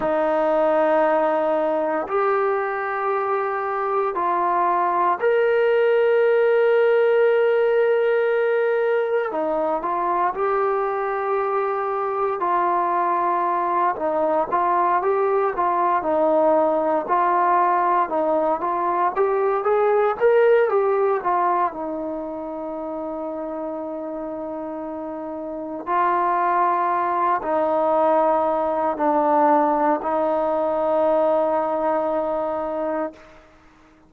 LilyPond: \new Staff \with { instrumentName = "trombone" } { \time 4/4 \tempo 4 = 58 dis'2 g'2 | f'4 ais'2.~ | ais'4 dis'8 f'8 g'2 | f'4. dis'8 f'8 g'8 f'8 dis'8~ |
dis'8 f'4 dis'8 f'8 g'8 gis'8 ais'8 | g'8 f'8 dis'2.~ | dis'4 f'4. dis'4. | d'4 dis'2. | }